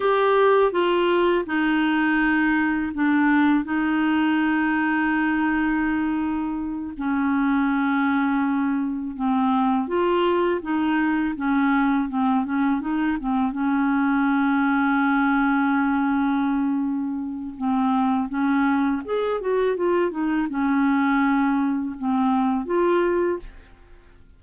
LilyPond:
\new Staff \with { instrumentName = "clarinet" } { \time 4/4 \tempo 4 = 82 g'4 f'4 dis'2 | d'4 dis'2.~ | dis'4. cis'2~ cis'8~ | cis'8 c'4 f'4 dis'4 cis'8~ |
cis'8 c'8 cis'8 dis'8 c'8 cis'4.~ | cis'1 | c'4 cis'4 gis'8 fis'8 f'8 dis'8 | cis'2 c'4 f'4 | }